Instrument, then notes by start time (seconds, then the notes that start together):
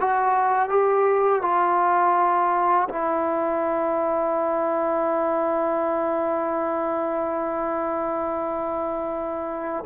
trombone
0.00 F#4
0.69 G4
1.42 F4
2.89 E4